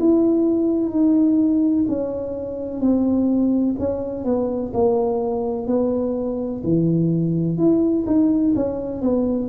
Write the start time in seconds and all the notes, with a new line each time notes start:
0.00 E4
0.90 D#4
1.88 C#4
2.81 C4
3.79 C#4
4.25 B3
4.74 A#3
5.67 B3
6.64 E3
7.58 E4
8.07 D#4
8.56 C#4
9.02 B3